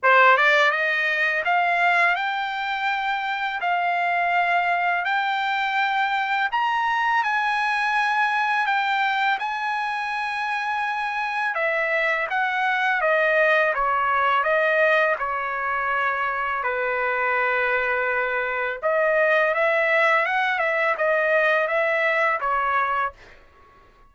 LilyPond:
\new Staff \with { instrumentName = "trumpet" } { \time 4/4 \tempo 4 = 83 c''8 d''8 dis''4 f''4 g''4~ | g''4 f''2 g''4~ | g''4 ais''4 gis''2 | g''4 gis''2. |
e''4 fis''4 dis''4 cis''4 | dis''4 cis''2 b'4~ | b'2 dis''4 e''4 | fis''8 e''8 dis''4 e''4 cis''4 | }